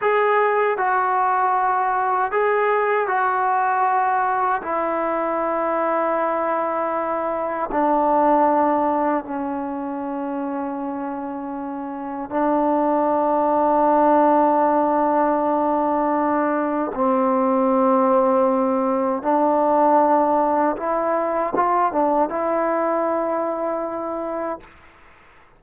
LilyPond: \new Staff \with { instrumentName = "trombone" } { \time 4/4 \tempo 4 = 78 gis'4 fis'2 gis'4 | fis'2 e'2~ | e'2 d'2 | cis'1 |
d'1~ | d'2 c'2~ | c'4 d'2 e'4 | f'8 d'8 e'2. | }